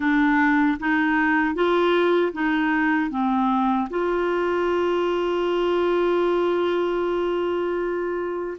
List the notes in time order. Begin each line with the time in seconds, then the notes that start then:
0.00 D4
0.79 D#4
1.54 F4
2.32 D#4
3.10 C4
3.90 F4